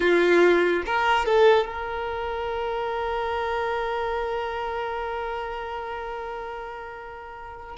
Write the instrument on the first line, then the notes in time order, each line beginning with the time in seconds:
violin
0.00 F4
0.86 A#4
1.25 A4
1.66 A#4